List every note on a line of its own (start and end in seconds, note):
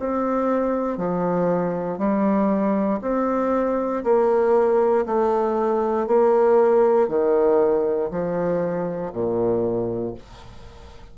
0.00 0.98 C4
0.98 1.99 F3
1.99 3.00 G3
3.02 4.04 C4
4.04 5.06 A#3
5.06 6.07 A3
6.07 7.09 A#3
7.09 8.11 D#3
8.11 9.13 F3
9.13 10.15 A#2